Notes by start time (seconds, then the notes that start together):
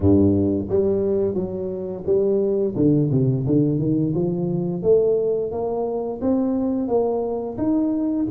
0.00 G2
0.69 G3
1.34 F#3
2.05 G3
2.75 D3
3.11 C3
3.46 D3
3.79 D#3
4.14 F3
4.82 A3
5.51 A#3
6.21 C4
6.88 A#3
7.57 D#4